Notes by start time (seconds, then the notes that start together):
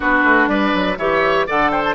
0.00 B3 D4 F#4 B4
0.24 A3
0.47 G3 B4 D5
0.74 F#3
0.97 E3 G4 C#5 E5
1.47 D3 A4 D5 F#5
1.70 C5 G5
1.84 A5